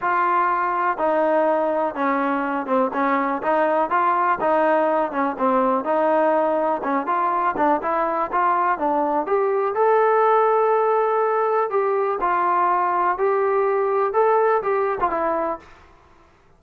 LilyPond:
\new Staff \with { instrumentName = "trombone" } { \time 4/4 \tempo 4 = 123 f'2 dis'2 | cis'4. c'8 cis'4 dis'4 | f'4 dis'4. cis'8 c'4 | dis'2 cis'8 f'4 d'8 |
e'4 f'4 d'4 g'4 | a'1 | g'4 f'2 g'4~ | g'4 a'4 g'8. f'16 e'4 | }